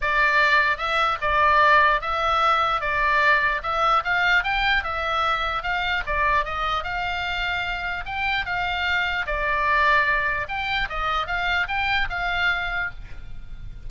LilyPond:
\new Staff \with { instrumentName = "oboe" } { \time 4/4 \tempo 4 = 149 d''2 e''4 d''4~ | d''4 e''2 d''4~ | d''4 e''4 f''4 g''4 | e''2 f''4 d''4 |
dis''4 f''2. | g''4 f''2 d''4~ | d''2 g''4 dis''4 | f''4 g''4 f''2 | }